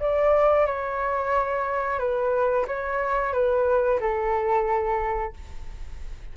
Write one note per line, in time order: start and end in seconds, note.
0.00 0.66 D5
0.66 1.99 C#5
1.99 2.66 B4
2.68 3.33 C#5
3.33 3.99 B4
4.00 5.33 A4